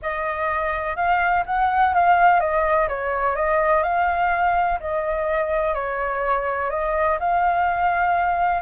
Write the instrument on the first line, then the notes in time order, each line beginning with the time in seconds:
flute
0.02 D#5
0.96 F5
1.46 F#5
1.94 F5
2.40 D#5
2.88 C#5
3.35 D#5
3.83 F5
4.80 D#5
5.74 C#5
6.69 D#5
7.19 F5